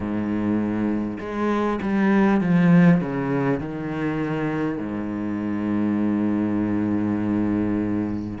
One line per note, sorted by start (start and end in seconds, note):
0.00 1.17 G#2
1.19 1.79 G#3
1.82 2.41 G3
2.41 3.00 F3
3.00 3.59 C#3
3.59 4.77 D#3
4.77 8.37 G#2